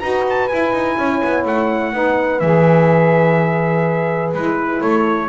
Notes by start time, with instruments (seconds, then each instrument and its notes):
0.00 double bass D#4, saxophone F#4, horn B4, trumpet A#5
0.30 trumpet A5
0.48 saxophone E4, double bass E4, trumpet G#5
0.73 double bass D#4
0.98 double bass C#4, horn C#5
1.24 double bass B3
1.45 double bass A3, trumpet F#5
1.93 double bass B3, saxophone D#4, horn B4
2.40 double bass E3, saxophone G#4, trumpet E5
4.33 double bass G#3, saxophone E4, trumpet B4
4.81 double bass A3, horn A4, trumpet C#5